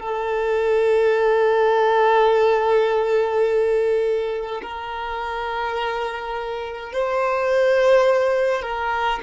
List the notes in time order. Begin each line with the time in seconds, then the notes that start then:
0.00 A4
4.63 A#4
6.93 C5
8.63 A#4